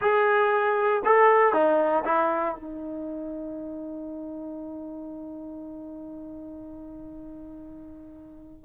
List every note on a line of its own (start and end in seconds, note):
0.01 1.03 G#4
1.04 1.53 A4
1.53 2.04 D#4
2.04 2.55 E4
2.55 8.65 D#4